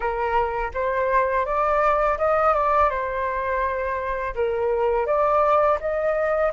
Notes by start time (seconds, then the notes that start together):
0.00 A#4
0.74 C5
1.45 D5
2.18 D#5
2.53 D5
2.89 C5
4.34 A#4
5.06 D5
5.80 D#5